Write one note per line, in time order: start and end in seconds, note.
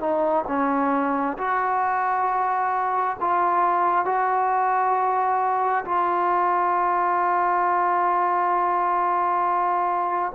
0.00 0.45 D#4
0.48 1.37 C#4
1.38 3.17 F#4
3.20 4.05 F4
4.05 5.84 F#4
5.85 10.32 F4